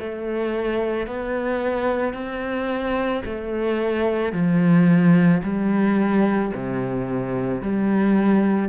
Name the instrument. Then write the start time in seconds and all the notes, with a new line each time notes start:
cello
0.00 A3
1.07 B3
2.14 C4
3.25 A3
4.33 F3
5.43 G3
6.55 C3
7.62 G3